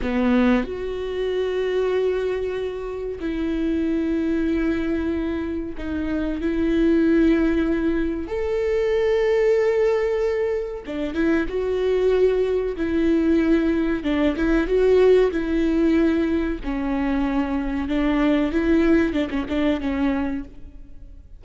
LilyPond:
\new Staff \with { instrumentName = "viola" } { \time 4/4 \tempo 4 = 94 b4 fis'2.~ | fis'4 e'2.~ | e'4 dis'4 e'2~ | e'4 a'2.~ |
a'4 d'8 e'8 fis'2 | e'2 d'8 e'8 fis'4 | e'2 cis'2 | d'4 e'4 d'16 cis'16 d'8 cis'4 | }